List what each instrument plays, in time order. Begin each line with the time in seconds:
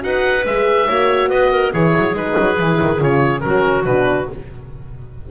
0.00 double bass D#4, horn F#4, clarinet B4, oboe F#5
0.45 double bass G#3, horn G#4, oboe E5
0.88 double bass A#3, horn F#4, clarinet C#5
1.29 double bass B3, clarinet B4, oboe D#5
1.52 clarinet A#4
1.73 double bass E3, horn E4, clarinet G#4, oboe C#5
1.97 double bass F#3
2.14 double bass G#3, horn D#4, oboe B4
2.39 double bass F#3
2.60 double bass E3, horn E4
2.81 double bass D#3
2.99 double bass C#3, horn F4, oboe C#5
3.41 double bass F#3, horn C#4, clarinet F#4, oboe A#4
3.85 double bass B2, horn D4, oboe B4